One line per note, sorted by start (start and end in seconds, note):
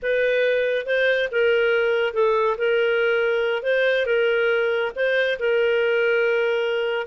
0.02 0.86 B4
0.86 1.28 C5
1.31 2.13 A#4
2.13 2.56 A4
2.57 3.63 A#4
3.63 4.05 C5
4.05 4.91 A#4
4.95 5.38 C5
5.39 7.06 A#4